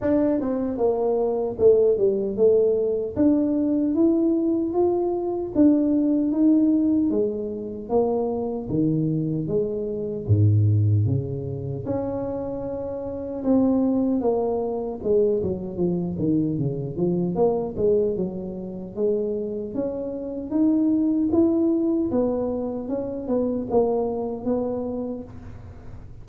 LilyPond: \new Staff \with { instrumentName = "tuba" } { \time 4/4 \tempo 4 = 76 d'8 c'8 ais4 a8 g8 a4 | d'4 e'4 f'4 d'4 | dis'4 gis4 ais4 dis4 | gis4 gis,4 cis4 cis'4~ |
cis'4 c'4 ais4 gis8 fis8 | f8 dis8 cis8 f8 ais8 gis8 fis4 | gis4 cis'4 dis'4 e'4 | b4 cis'8 b8 ais4 b4 | }